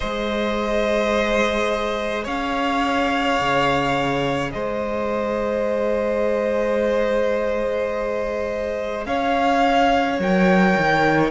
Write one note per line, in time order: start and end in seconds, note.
0.00 2.26 G#3
0.00 10.19 G#4
0.00 2.24 C5
0.00 2.24 D#5
2.24 3.40 C#4
2.24 4.50 C#5
2.24 4.51 F5
3.40 4.53 C#3
4.51 9.06 G#3
4.51 9.07 C5
4.51 9.04 D#5
9.06 10.19 C#4
9.06 11.30 C#5
9.06 10.19 F5
10.19 10.75 F#3
10.19 11.30 A#4
10.19 11.30 G5
10.77 11.30 D#3